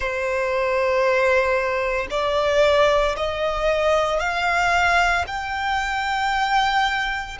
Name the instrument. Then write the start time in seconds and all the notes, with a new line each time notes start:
violin
0.00 C5
2.10 D5
3.16 D#5
4.19 F5
5.27 G5